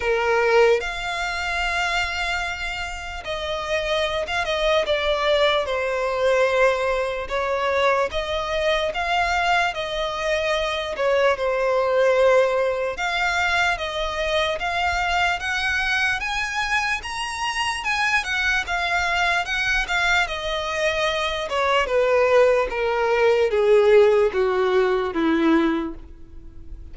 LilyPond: \new Staff \with { instrumentName = "violin" } { \time 4/4 \tempo 4 = 74 ais'4 f''2. | dis''4~ dis''16 f''16 dis''8 d''4 c''4~ | c''4 cis''4 dis''4 f''4 | dis''4. cis''8 c''2 |
f''4 dis''4 f''4 fis''4 | gis''4 ais''4 gis''8 fis''8 f''4 | fis''8 f''8 dis''4. cis''8 b'4 | ais'4 gis'4 fis'4 e'4 | }